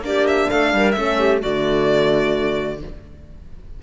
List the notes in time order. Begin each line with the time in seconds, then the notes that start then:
0.00 A#3 D4 G4 D5
0.27 E5
0.49 A3 A4 F5
0.73 G3 A#4
0.91 A3 C#4 A4 E5
1.19 G4
1.40 D3 A3 F#4 D5